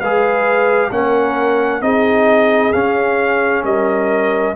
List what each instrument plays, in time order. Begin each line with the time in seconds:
0.00 tuba G#3, trombone G#4, horn B4, trumpet F5
0.91 tuba A#3, trombone C#4, horn A#4, trumpet F#5
1.82 tuba C4, trombone D#4, horn G#4, trumpet D#5
2.73 tuba C#4, trombone C#4, trumpet F5
3.64 tuba G3, horn A#4, trumpet D#5